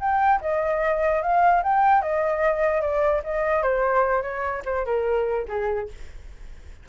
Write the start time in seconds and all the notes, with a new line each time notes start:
0.00 G5
0.41 D#5
1.23 F5
1.63 G5
2.02 D#5
2.82 D5
3.24 D#5
3.63 C5
4.22 C#5
4.65 C5
4.86 A#4
5.48 G#4